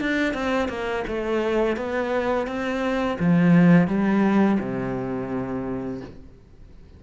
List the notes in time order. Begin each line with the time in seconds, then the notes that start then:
0.00 D4
0.33 C4
0.69 A#3
1.07 A3
1.76 B3
2.47 C4
3.19 F3
3.87 G3
4.60 C3